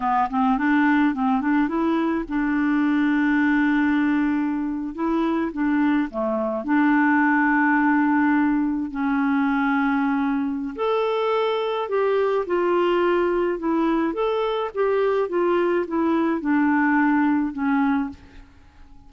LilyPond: \new Staff \with { instrumentName = "clarinet" } { \time 4/4 \tempo 4 = 106 b8 c'8 d'4 c'8 d'8 e'4 | d'1~ | d'8. e'4 d'4 a4 d'16~ | d'2.~ d'8. cis'16~ |
cis'2. a'4~ | a'4 g'4 f'2 | e'4 a'4 g'4 f'4 | e'4 d'2 cis'4 | }